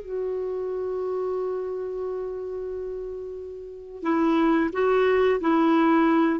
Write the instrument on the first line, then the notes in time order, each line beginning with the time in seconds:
clarinet
0.00 F#4
4.02 E4
4.72 F#4
5.40 E4